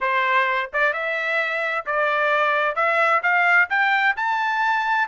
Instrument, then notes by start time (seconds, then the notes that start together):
trumpet
0.01 C5
0.73 D5
0.93 E5
1.86 D5
2.75 E5
3.22 F5
3.69 G5
4.16 A5